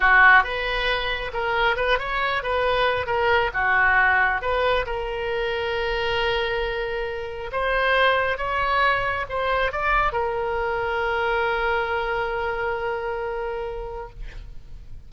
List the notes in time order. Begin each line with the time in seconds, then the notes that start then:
0.00 F#4
0.43 B4
1.33 A#4
1.76 B4
1.98 C#5
2.42 B4
3.06 A#4
3.53 F#4
4.41 B4
4.85 A#4
7.52 C5
8.37 C#5
9.29 C5
9.71 D5
10.12 A#4